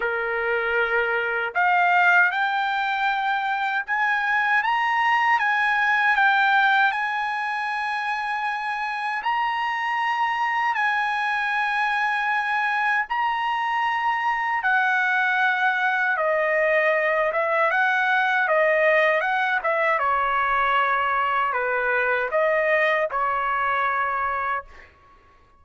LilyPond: \new Staff \with { instrumentName = "trumpet" } { \time 4/4 \tempo 4 = 78 ais'2 f''4 g''4~ | g''4 gis''4 ais''4 gis''4 | g''4 gis''2. | ais''2 gis''2~ |
gis''4 ais''2 fis''4~ | fis''4 dis''4. e''8 fis''4 | dis''4 fis''8 e''8 cis''2 | b'4 dis''4 cis''2 | }